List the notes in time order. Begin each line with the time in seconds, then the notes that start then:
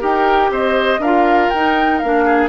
0.00 D#4 G4 A#4 G5
0.50 C4 C5 D#5
0.98 D4 A#4 F5
1.04 F4
1.49 D#4 G5
1.56 D#4
1.98 A#3 D4 F5
2.25 G#4